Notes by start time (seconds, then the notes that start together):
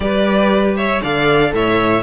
0.00 G3 G4 B4 D5
0.76 C#5 E5
1.01 D3 A4 D5 F5
1.52 A2 C#5 E5